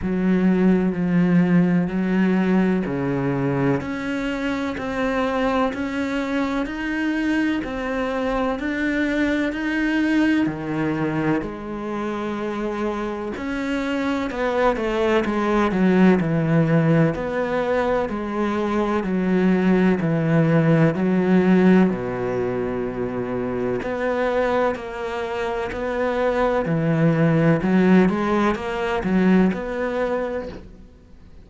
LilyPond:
\new Staff \with { instrumentName = "cello" } { \time 4/4 \tempo 4 = 63 fis4 f4 fis4 cis4 | cis'4 c'4 cis'4 dis'4 | c'4 d'4 dis'4 dis4 | gis2 cis'4 b8 a8 |
gis8 fis8 e4 b4 gis4 | fis4 e4 fis4 b,4~ | b,4 b4 ais4 b4 | e4 fis8 gis8 ais8 fis8 b4 | }